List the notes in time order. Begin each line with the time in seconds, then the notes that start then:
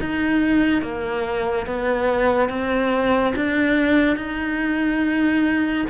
0.00 D#4
0.82 A#3
1.66 B3
2.49 C4
3.35 D4
4.16 D#4